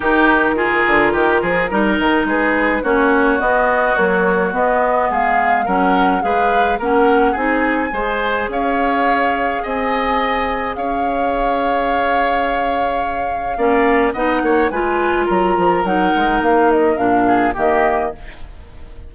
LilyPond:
<<
  \new Staff \with { instrumentName = "flute" } { \time 4/4 \tempo 4 = 106 ais'1 | b'4 cis''4 dis''4 cis''4 | dis''4 f''4 fis''4 f''4 | fis''4 gis''2 f''4~ |
f''4 gis''2 f''4~ | f''1~ | f''4 fis''4 gis''4 ais''4 | fis''4 f''8 dis''8 f''4 dis''4 | }
  \new Staff \with { instrumentName = "oboe" } { \time 4/4 g'4 gis'4 g'8 gis'8 ais'4 | gis'4 fis'2.~ | fis'4 gis'4 ais'4 b'4 | ais'4 gis'4 c''4 cis''4~ |
cis''4 dis''2 cis''4~ | cis''1 | d''4 dis''8 cis''8 b'4 ais'4~ | ais'2~ ais'8 gis'8 g'4 | }
  \new Staff \with { instrumentName = "clarinet" } { \time 4/4 dis'4 f'2 dis'4~ | dis'4 cis'4 b4 fis4 | b2 cis'4 gis'4 | cis'4 dis'4 gis'2~ |
gis'1~ | gis'1 | cis'4 dis'4 f'2 | dis'2 d'4 ais4 | }
  \new Staff \with { instrumentName = "bassoon" } { \time 4/4 dis4. d8 dis8 f8 g8 dis8 | gis4 ais4 b4 ais4 | b4 gis4 fis4 gis4 | ais4 c'4 gis4 cis'4~ |
cis'4 c'2 cis'4~ | cis'1 | ais4 b8 ais8 gis4 fis8 f8 | fis8 gis8 ais4 ais,4 dis4 | }
>>